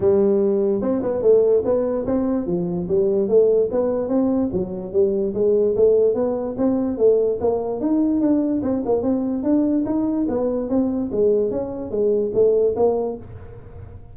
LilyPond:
\new Staff \with { instrumentName = "tuba" } { \time 4/4 \tempo 4 = 146 g2 c'8 b8 a4 | b4 c'4 f4 g4 | a4 b4 c'4 fis4 | g4 gis4 a4 b4 |
c'4 a4 ais4 dis'4 | d'4 c'8 ais8 c'4 d'4 | dis'4 b4 c'4 gis4 | cis'4 gis4 a4 ais4 | }